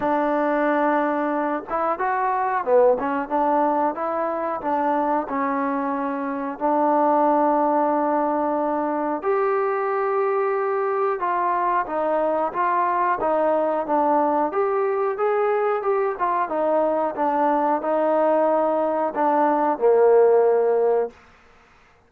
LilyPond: \new Staff \with { instrumentName = "trombone" } { \time 4/4 \tempo 4 = 91 d'2~ d'8 e'8 fis'4 | b8 cis'8 d'4 e'4 d'4 | cis'2 d'2~ | d'2 g'2~ |
g'4 f'4 dis'4 f'4 | dis'4 d'4 g'4 gis'4 | g'8 f'8 dis'4 d'4 dis'4~ | dis'4 d'4 ais2 | }